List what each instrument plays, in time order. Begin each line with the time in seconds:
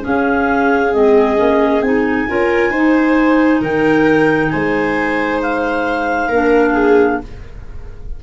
0.00 clarinet C#4 F5, tuba C#4, viola G#4
0.93 tuba G#3, clarinet C4 D#5
1.36 tuba A#3, clarinet C#4
1.81 tuba C4, clarinet D#4 G#5
2.28 tuba C#4, clarinet F4, viola A#4
2.70 tuba D#4, clarinet D#4, viola C5
3.60 tuba D#3, viola A#4, clarinet G5
4.50 tuba G#3, viola C5, clarinet G#5
5.42 clarinet F5
6.28 tuba A#3, clarinet D4, viola A#4
6.73 viola G#4